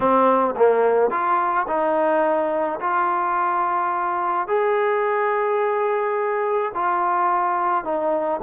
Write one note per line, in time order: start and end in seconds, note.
0.00 0.54 C4
0.56 1.10 A#3
1.10 1.66 F4
1.67 2.79 D#4
2.80 4.47 F4
4.47 6.72 G#4
6.74 7.84 F4
7.84 8.40 D#4